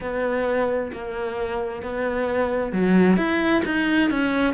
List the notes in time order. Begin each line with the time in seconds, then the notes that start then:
0.00 B3
0.92 A#3
1.82 B3
2.72 F#3
3.17 E4
3.65 D#4
4.10 C#4